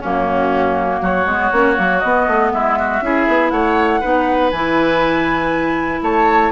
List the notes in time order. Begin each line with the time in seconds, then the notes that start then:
0.00 F#2 A#3 C#4 F#4
1.01 F#3 F#4 C#5
1.26 G#3 B3
1.52 A#3 C#4
1.75 F#3 A#3
1.99 B3 D#5
2.27 A3
2.51 G#3 E4 E5
2.79 F#4
3.01 C#4 E4 G#4
3.28 B3
3.50 A3 C#5 F#5
4.00 B3 D#4 B4
4.51 E3 E4 G#5
6.01 A3 C#5 A5